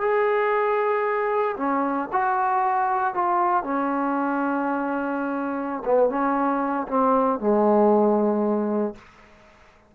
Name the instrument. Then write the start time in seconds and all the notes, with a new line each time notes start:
trombone
0.00 G#4
1.57 C#4
2.12 F#4
3.14 F4
3.63 C#4
5.85 B3
6.09 C#4
6.87 C4
7.39 G#3